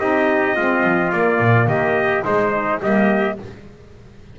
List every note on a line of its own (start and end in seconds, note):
0.00 0.57 C4
0.00 0.56 D#4
0.00 0.56 G4
0.00 1.12 D#5
0.56 0.84 G#3
0.56 1.13 C4
0.56 1.68 F4
0.84 1.12 F3
1.12 2.23 A#3
1.12 1.40 A#3
1.12 1.68 D5
1.40 1.67 A#2
1.67 2.23 D#3
1.67 2.25 G4
1.67 2.24 D#5
2.23 2.79 G#3
2.23 2.81 G#3
2.23 2.81 D#4
2.23 2.81 C5
2.82 3.39 G3
2.82 3.39 A#3
2.82 3.38 G4
2.82 3.39 D#5